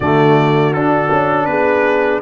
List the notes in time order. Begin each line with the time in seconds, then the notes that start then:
0.00 D3 A3 F#4 D5
0.73 D4 A4
1.11 C#4
1.45 B3 G#4 B4